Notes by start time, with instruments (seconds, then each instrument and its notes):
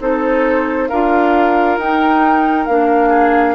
0.00 bassoon C4, clarinet D#4, oboe A4, flute C5
0.89 bassoon D4, clarinet F4, oboe A#4, flute F5
1.78 bassoon D#4, clarinet D#4, flute G5
2.66 bassoon A#3, clarinet D4, flute F5
3.10 oboe G#4